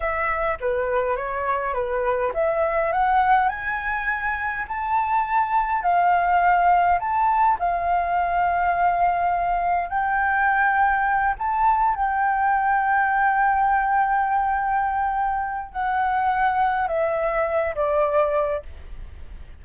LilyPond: \new Staff \with { instrumentName = "flute" } { \time 4/4 \tempo 4 = 103 e''4 b'4 cis''4 b'4 | e''4 fis''4 gis''2 | a''2 f''2 | a''4 f''2.~ |
f''4 g''2~ g''8 a''8~ | a''8 g''2.~ g''8~ | g''2. fis''4~ | fis''4 e''4. d''4. | }